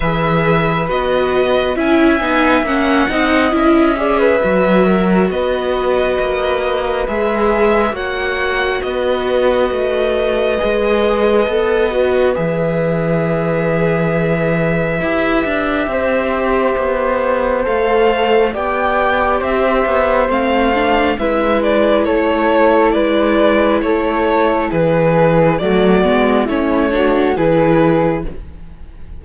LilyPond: <<
  \new Staff \with { instrumentName = "violin" } { \time 4/4 \tempo 4 = 68 e''4 dis''4 gis''4 fis''4 | e''2 dis''2 | e''4 fis''4 dis''2~ | dis''2 e''2~ |
e''1 | f''4 g''4 e''4 f''4 | e''8 d''8 cis''4 d''4 cis''4 | b'4 d''4 cis''4 b'4 | }
  \new Staff \with { instrumentName = "flute" } { \time 4/4 b'2 e''4. dis''8~ | dis''8 d''16 b'8. ais'8 b'2~ | b'4 cis''4 b'2~ | b'1~ |
b'2 c''2~ | c''4 d''4 c''2 | b'4 a'4 b'4 a'4 | gis'4 fis'4 e'8 fis'8 gis'4 | }
  \new Staff \with { instrumentName = "viola" } { \time 4/4 gis'4 fis'4 e'8 dis'8 cis'8 dis'8 | e'8 gis'8 fis'2. | gis'4 fis'2. | gis'4 a'8 fis'8 gis'2~ |
gis'4 g'2. | a'4 g'2 c'8 d'8 | e'1~ | e'4 a8 b8 cis'8 d'8 e'4 | }
  \new Staff \with { instrumentName = "cello" } { \time 4/4 e4 b4 cis'8 b8 ais8 c'8 | cis'4 fis4 b4 ais4 | gis4 ais4 b4 a4 | gis4 b4 e2~ |
e4 e'8 d'8 c'4 b4 | a4 b4 c'8 b8 a4 | gis4 a4 gis4 a4 | e4 fis8 gis8 a4 e4 | }
>>